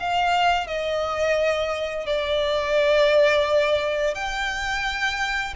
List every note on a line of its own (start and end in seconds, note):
0.00 0.67 F5
0.67 2.06 D#5
2.06 4.14 D5
4.14 5.54 G5